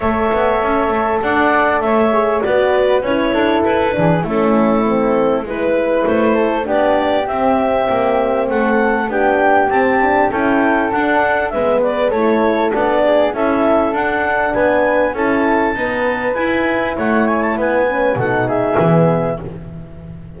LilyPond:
<<
  \new Staff \with { instrumentName = "clarinet" } { \time 4/4 \tempo 4 = 99 e''2 fis''4 e''4 | d''4 cis''4 b'4 a'4~ | a'4 b'4 c''4 d''4 | e''2 fis''4 g''4 |
a''4 g''4 fis''4 e''8 d''8 | cis''4 d''4 e''4 fis''4 | gis''4 a''2 gis''4 | fis''8 gis''16 a''16 gis''4 fis''8 e''4. | }
  \new Staff \with { instrumentName = "flute" } { \time 4/4 cis''2 d''4 cis''4 | b'4. a'4 gis'8 e'4~ | e'4 b'4. a'8 g'4~ | g'2 a'4 g'4~ |
g'4 a'2 b'4 | a'4. gis'8 a'2 | b'4 a'4 b'2 | cis''4 b'4 a'8 gis'4. | }
  \new Staff \with { instrumentName = "horn" } { \time 4/4 a'2.~ a'8 gis'8 | fis'4 e'4. d'8 cis'4 | c'4 e'2 d'4 | c'2. d'4 |
c'8 d'8 e'4 d'4 b4 | e'4 d'4 e'4 d'4~ | d'4 e'4 b4 e'4~ | e'4. cis'8 dis'4 b4 | }
  \new Staff \with { instrumentName = "double bass" } { \time 4/4 a8 b8 cis'8 a8 d'4 a4 | b4 cis'8 d'8 e'8 e8 a4~ | a4 gis4 a4 b4 | c'4 ais4 a4 b4 |
c'4 cis'4 d'4 gis4 | a4 b4 cis'4 d'4 | b4 cis'4 dis'4 e'4 | a4 b4 b,4 e4 | }
>>